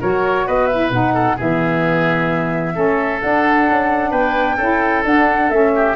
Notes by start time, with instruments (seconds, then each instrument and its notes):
0.00 tuba F#3, saxophone F#4, oboe A#4, flute C#5
0.46 tuba B3, oboe B4, flute D#5
0.67 saxophone E4, flute E5
0.91 tuba B2, saxophone D#4, flute F#5
1.13 oboe A4
1.36 tuba E3, saxophone B3, oboe G#4, flute E5
2.74 tuba A3, saxophone C#4, oboe A4
3.21 saxophone D4, tuba D4, flute F#5
3.69 tuba C#4
4.10 tuba B3, oboe B4, flute G5
4.56 tuba C#4, saxophone E4, oboe A4
5.04 tuba D4, saxophone D4, flute F#5
5.49 tuba A3, saxophone C#4, flute E5
5.75 oboe G4